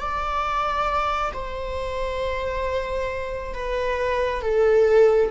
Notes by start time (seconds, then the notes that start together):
0.00 D5
1.34 C5
3.54 B4
4.42 A4